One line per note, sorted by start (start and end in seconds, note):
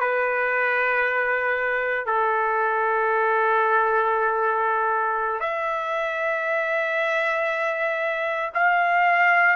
0.00 2.05 B4
2.05 5.40 A4
5.40 8.51 E5
8.54 9.56 F5